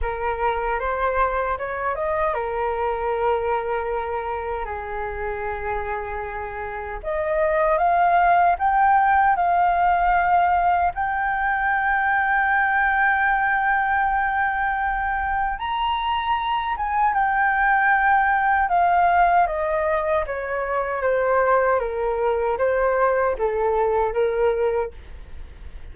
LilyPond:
\new Staff \with { instrumentName = "flute" } { \time 4/4 \tempo 4 = 77 ais'4 c''4 cis''8 dis''8 ais'4~ | ais'2 gis'2~ | gis'4 dis''4 f''4 g''4 | f''2 g''2~ |
g''1 | ais''4. gis''8 g''2 | f''4 dis''4 cis''4 c''4 | ais'4 c''4 a'4 ais'4 | }